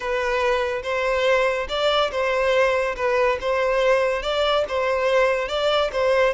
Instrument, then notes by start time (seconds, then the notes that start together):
violin
0.00 B4
0.82 C5
1.68 D5
2.11 C5
2.96 B4
3.40 C5
4.22 D5
4.68 C5
5.48 D5
5.92 C5